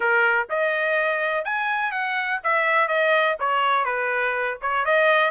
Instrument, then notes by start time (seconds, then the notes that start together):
trumpet
0.00 A#4
0.49 D#5
1.45 G#5
1.91 F#5
2.43 E5
2.88 D#5
3.39 C#5
3.84 B4
4.61 C#5
4.85 D#5